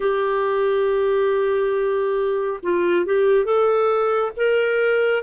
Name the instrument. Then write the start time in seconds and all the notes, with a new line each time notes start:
clarinet
0.00 G4
2.62 F4
3.05 G4
3.44 A4
4.36 A#4